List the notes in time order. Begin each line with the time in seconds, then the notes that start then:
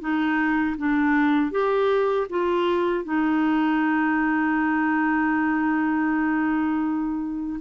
0.00 D#4
0.77 D4
1.51 G4
2.30 F4
3.04 D#4